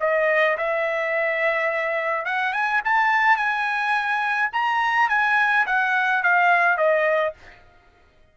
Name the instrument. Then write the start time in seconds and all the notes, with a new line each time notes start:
trumpet
0.00 D#5
0.57 E5
2.25 F#5
2.53 G#5
2.84 A5
3.36 G#5
4.52 A#5
5.09 G#5
5.66 F#5
6.23 F5
6.77 D#5